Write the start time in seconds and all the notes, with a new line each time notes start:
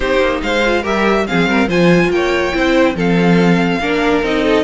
0.00 C4 D#4 G4 C5
0.20 A#3
0.42 G#3 C5 F5
0.65 F4
0.82 G3 G4 A#4 E5
1.27 F3 C4 G#4 F5
1.46 G3 A#4
1.67 F3 F4 C5 G#5
2.10 A#3 C#5 G5
2.52 C4 E4 C5
2.94 F3 C4 A4 F5
3.79 A#3 D4 A#4
4.22 C4 D#4 D#5
4.44 A4